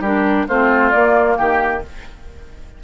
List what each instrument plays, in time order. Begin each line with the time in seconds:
0.00 bassoon G3, clarinet D4, oboe G4, flute A#4
0.48 bassoon A3, clarinet C4, oboe F4, flute C5
0.90 clarinet A#3, bassoon A#3, flute D5
1.37 bassoon D#3, oboe G4, flute G5